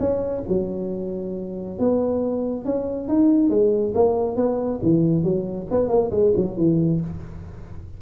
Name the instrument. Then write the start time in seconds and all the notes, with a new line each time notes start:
tuba
0.00 C#4
0.49 F#3
1.79 B3
2.65 C#4
3.09 D#4
3.50 G#3
3.95 A#3
4.37 B3
4.83 E3
5.24 F#3
5.71 B3
5.89 A#3
6.11 G#3
6.37 F#3
6.57 E3